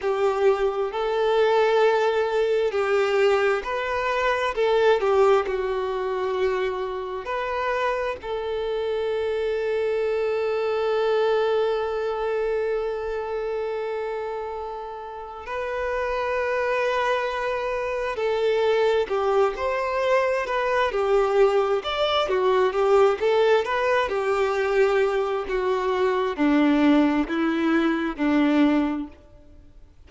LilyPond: \new Staff \with { instrumentName = "violin" } { \time 4/4 \tempo 4 = 66 g'4 a'2 g'4 | b'4 a'8 g'8 fis'2 | b'4 a'2.~ | a'1~ |
a'4 b'2. | a'4 g'8 c''4 b'8 g'4 | d''8 fis'8 g'8 a'8 b'8 g'4. | fis'4 d'4 e'4 d'4 | }